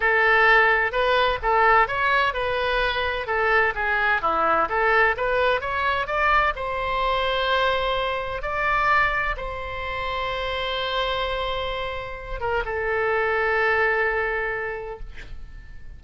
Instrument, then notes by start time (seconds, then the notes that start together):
oboe
0.00 A4
0.91 B4
1.42 A4
1.87 C#5
2.33 B4
3.26 A4
3.75 G#4
4.21 E4
4.69 A4
5.16 B4
5.61 C#5
6.06 D5
6.55 C5
8.42 D5
9.36 C5
12.40 A#4
12.65 A4